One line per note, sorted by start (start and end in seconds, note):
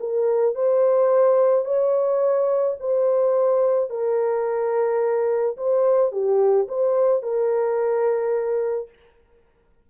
0.00 0.55 A#4
0.55 1.65 C5
1.65 2.77 C#5
2.80 3.90 C5
3.90 5.57 A#4
5.57 6.12 C5
6.12 6.67 G4
6.68 7.23 C5
7.23 8.90 A#4